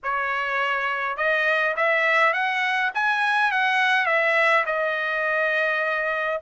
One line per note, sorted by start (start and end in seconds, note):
0.03 1.17 C#5
1.17 1.75 D#5
1.76 2.33 E5
2.33 2.91 F#5
2.94 3.51 G#5
3.51 4.06 F#5
4.06 4.64 E5
4.65 6.40 D#5